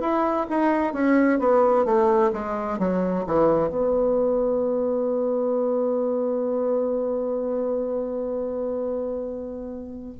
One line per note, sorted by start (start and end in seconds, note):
0.00 0.46 E4
0.49 0.93 D#4
0.93 1.39 C#4
1.39 1.85 B3
1.85 2.31 A3
2.32 2.78 G#3
2.78 3.24 F#3
3.26 3.69 E3
3.69 10.15 B3